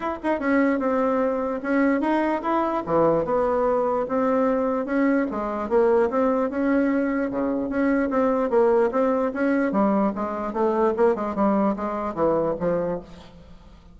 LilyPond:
\new Staff \with { instrumentName = "bassoon" } { \time 4/4 \tempo 4 = 148 e'8 dis'8 cis'4 c'2 | cis'4 dis'4 e'4 e4 | b2 c'2 | cis'4 gis4 ais4 c'4 |
cis'2 cis4 cis'4 | c'4 ais4 c'4 cis'4 | g4 gis4 a4 ais8 gis8 | g4 gis4 e4 f4 | }